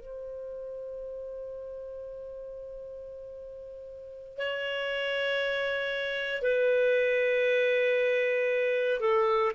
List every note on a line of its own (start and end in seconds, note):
0.00 4.38 C5
4.38 6.42 C#5
6.42 9.00 B4
9.00 9.52 A4